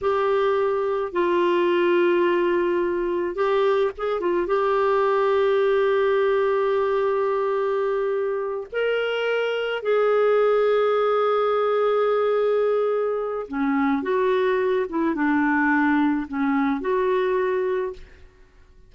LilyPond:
\new Staff \with { instrumentName = "clarinet" } { \time 4/4 \tempo 4 = 107 g'2 f'2~ | f'2 g'4 gis'8 f'8 | g'1~ | g'2.~ g'8 ais'8~ |
ais'4. gis'2~ gis'8~ | gis'1 | cis'4 fis'4. e'8 d'4~ | d'4 cis'4 fis'2 | }